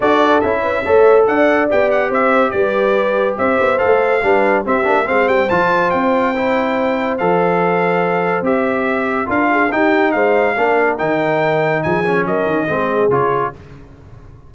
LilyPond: <<
  \new Staff \with { instrumentName = "trumpet" } { \time 4/4 \tempo 4 = 142 d''4 e''2 fis''4 | g''8 fis''8 e''4 d''2 | e''4 f''2 e''4 | f''8 g''8 a''4 g''2~ |
g''4 f''2. | e''2 f''4 g''4 | f''2 g''2 | gis''4 dis''2 cis''4 | }
  \new Staff \with { instrumentName = "horn" } { \time 4/4 a'4. b'8 cis''4 d''4~ | d''4 c''4 b'2 | c''2 b'4 g'4 | c''1~ |
c''1~ | c''2 ais'8 gis'8 g'4 | c''4 ais'2. | gis'4 ais'4 gis'2 | }
  \new Staff \with { instrumentName = "trombone" } { \time 4/4 fis'4 e'4 a'2 | g'1~ | g'4 a'4 d'4 c'8 d'8 | c'4 f'2 e'4~ |
e'4 a'2. | g'2 f'4 dis'4~ | dis'4 d'4 dis'2~ | dis'8 cis'4. c'4 f'4 | }
  \new Staff \with { instrumentName = "tuba" } { \time 4/4 d'4 cis'4 a4 d'4 | b4 c'4 g2 | c'8 b8 a4 g4 c'8 ais8 | gis8 g8 f4 c'2~ |
c'4 f2. | c'2 d'4 dis'4 | gis4 ais4 dis2 | f4 fis8 dis8 gis4 cis4 | }
>>